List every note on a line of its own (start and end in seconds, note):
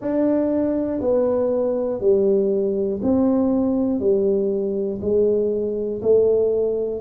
0.00 1.00 D4
1.00 2.00 B3
2.00 3.00 G3
3.02 3.99 C4
3.99 4.99 G3
5.00 6.00 G#3
6.02 7.00 A3